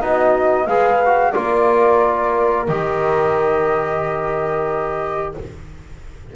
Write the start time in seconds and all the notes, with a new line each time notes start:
0.00 B3 D#4 F#4 D#5
0.66 G#3 G#4 B4 F5
1.05 F#4
1.31 A#3 F4 A#4 D5
2.67 D#3 G4 D#5